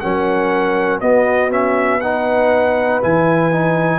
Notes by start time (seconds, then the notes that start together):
0.00 F#3 C#4 A#4 F#5
1.01 B3 F#4 D#5
1.50 C#4 E5
2.01 D#4 B4 F#5
3.02 E3 E4 G#5
3.52 D#4